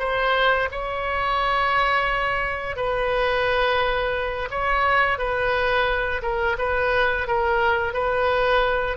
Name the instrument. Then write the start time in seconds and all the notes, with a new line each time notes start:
oboe
0.00 C5
0.72 C#5
2.77 B4
4.51 C#5
5.18 B4
6.23 A#4
6.59 B4
7.28 A#4
7.94 B4